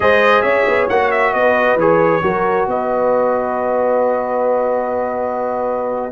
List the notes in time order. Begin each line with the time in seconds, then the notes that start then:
0.00 G#3 G#4 C5 D#5
0.41 C#4 C#5 E5
0.67 B3
0.89 A#3 F#4 F#5
1.11 E5
1.33 B3 B4 D#5
1.75 E3 G#4 C#5
2.21 F#3 F#4 A#4
2.66 B3 B4 D#5